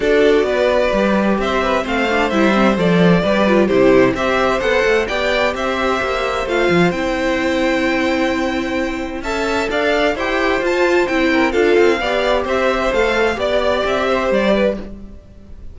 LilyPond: <<
  \new Staff \with { instrumentName = "violin" } { \time 4/4 \tempo 4 = 130 d''2. e''4 | f''4 e''4 d''2 | c''4 e''4 fis''4 g''4 | e''2 f''4 g''4~ |
g''1 | a''4 f''4 g''4 a''4 | g''4 f''2 e''4 | f''4 d''4 e''4 d''4 | }
  \new Staff \with { instrumentName = "violin" } { \time 4/4 a'4 b'2 c''8 b'8 | c''2. b'4 | g'4 c''2 d''4 | c''1~ |
c''1 | e''4 d''4 c''2~ | c''8 ais'8 a'4 d''4 c''4~ | c''4 d''4. c''4 b'8 | }
  \new Staff \with { instrumentName = "viola" } { \time 4/4 fis'2 g'2 | c'8 d'8 e'8 c'8 a'4 g'8 f'8 | e'4 g'4 a'4 g'4~ | g'2 f'4 e'4~ |
e'1 | a'2 g'4 f'4 | e'4 f'4 g'2 | a'4 g'2. | }
  \new Staff \with { instrumentName = "cello" } { \time 4/4 d'4 b4 g4 c'4 | a4 g4 f4 g4 | c4 c'4 b8 a8 b4 | c'4 ais4 a8 f8 c'4~ |
c'1 | cis'4 d'4 e'4 f'4 | c'4 d'8 c'8 b4 c'4 | a4 b4 c'4 g4 | }
>>